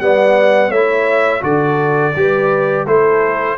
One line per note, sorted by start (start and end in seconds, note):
0.00 0.70 G3
0.00 0.73 B3
0.00 0.69 D5
0.00 0.72 F#5
0.69 1.42 A3
0.69 1.41 E4
0.69 1.41 C#5
0.69 1.43 E5
1.41 2.15 D3
1.41 2.12 F#4
1.41 2.15 A4
1.41 2.87 D5
2.16 2.86 G3
2.16 2.87 G4
2.16 2.87 B4
2.86 3.57 A3
2.86 3.58 E4
2.86 3.58 A4
2.86 3.58 C5